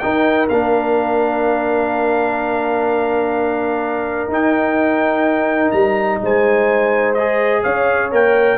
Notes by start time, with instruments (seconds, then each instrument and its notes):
0.00 trombone D#4, tuba D#4, horn A#4, trumpet G5
0.49 tuba A#3, trombone D4, trumpet F5
4.28 tuba D#4, trombone D#4, trumpet G5
5.72 tuba G3, trumpet A#5
6.22 tuba G#3, horn C5, trumpet G#5
7.14 trombone G#4, trumpet D#5
7.63 tuba C#4, horn C#5, trumpet F5
8.12 tuba A#3, trombone A#4, trumpet G5